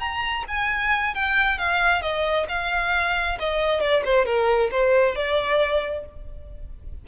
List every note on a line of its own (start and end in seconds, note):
0.00 0.45 A#5
0.48 1.15 G#5
1.15 1.59 G5
1.59 2.02 F5
2.02 2.47 D#5
2.49 3.38 F5
3.40 3.81 D#5
3.81 4.04 D5
4.05 4.26 C5
4.26 4.71 A#4
4.72 5.16 C5
5.16 6.05 D5